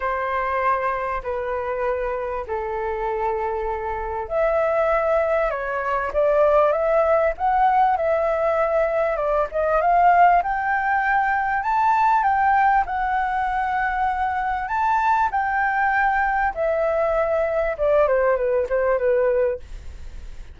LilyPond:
\new Staff \with { instrumentName = "flute" } { \time 4/4 \tempo 4 = 98 c''2 b'2 | a'2. e''4~ | e''4 cis''4 d''4 e''4 | fis''4 e''2 d''8 dis''8 |
f''4 g''2 a''4 | g''4 fis''2. | a''4 g''2 e''4~ | e''4 d''8 c''8 b'8 c''8 b'4 | }